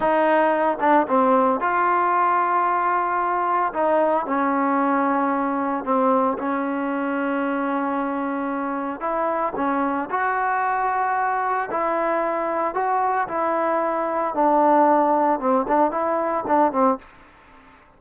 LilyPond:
\new Staff \with { instrumentName = "trombone" } { \time 4/4 \tempo 4 = 113 dis'4. d'8 c'4 f'4~ | f'2. dis'4 | cis'2. c'4 | cis'1~ |
cis'4 e'4 cis'4 fis'4~ | fis'2 e'2 | fis'4 e'2 d'4~ | d'4 c'8 d'8 e'4 d'8 c'8 | }